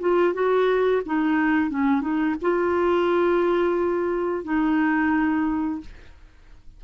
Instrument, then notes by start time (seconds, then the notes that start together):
clarinet
0.00 F4
0.34 F#4
1.06 D#4
1.70 C#4
2.01 D#4
2.42 F4
4.44 D#4